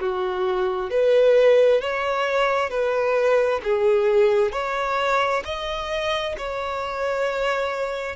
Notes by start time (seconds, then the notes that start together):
0.00 F#4
0.90 B4
1.81 C#5
2.70 B4
3.64 G#4
4.52 C#5
5.45 D#5
6.38 C#5